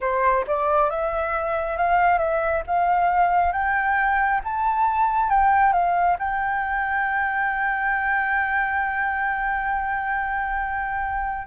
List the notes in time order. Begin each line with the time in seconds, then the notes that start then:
0.00 C5
0.47 D5
0.90 E5
1.77 F5
2.18 E5
2.67 F5
3.52 G5
4.44 A5
5.29 G5
5.72 F5
6.18 G5